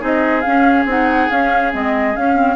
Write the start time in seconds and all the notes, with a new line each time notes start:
0.00 C4 D#4 G#4 D#5
0.42 C#4 F5
0.86 C4 D#4 F#5
1.30 C#4 F5
1.72 G#3 C4 D#5
2.15 C#4 F5
2.35 C4